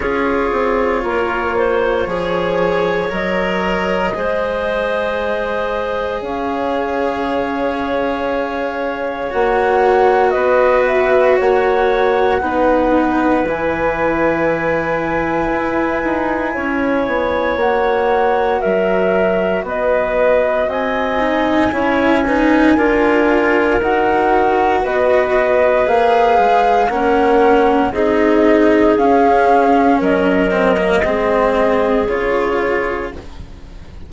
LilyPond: <<
  \new Staff \with { instrumentName = "flute" } { \time 4/4 \tempo 4 = 58 cis''2. dis''4~ | dis''2 f''2~ | f''4 fis''4 dis''8 e''8 fis''4~ | fis''4 gis''2.~ |
gis''4 fis''4 e''4 dis''4 | gis''2. fis''4 | dis''4 f''4 fis''4 dis''4 | f''4 dis''2 cis''4 | }
  \new Staff \with { instrumentName = "clarinet" } { \time 4/4 gis'4 ais'8 c''8 cis''2 | c''2 cis''2~ | cis''2 b'4 cis''4 | b'1 |
cis''2 ais'4 b'4 | dis''4 cis''8 b'8 ais'2 | b'2 ais'4 gis'4~ | gis'4 ais'4 gis'2 | }
  \new Staff \with { instrumentName = "cello" } { \time 4/4 f'2 gis'4 ais'4 | gis'1~ | gis'4 fis'2. | dis'4 e'2.~ |
e'4 fis'2.~ | fis'8 dis'8 e'8 dis'8 f'4 fis'4~ | fis'4 gis'4 cis'4 dis'4 | cis'4. c'16 ais16 c'4 f'4 | }
  \new Staff \with { instrumentName = "bassoon" } { \time 4/4 cis'8 c'8 ais4 f4 fis4 | gis2 cis'2~ | cis'4 ais4 b4 ais4 | b4 e2 e'8 dis'8 |
cis'8 b8 ais4 fis4 b4 | c'4 cis'4 d'4 dis'4 | b4 ais8 gis8 ais4 c'4 | cis'4 fis4 gis4 cis4 | }
>>